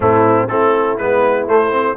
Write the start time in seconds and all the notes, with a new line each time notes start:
0.00 A2 A3 C4 E4
0.48 A3 C4 E4 A4
0.97 G#3 B3 B4
1.46 A3 C5
1.70 C4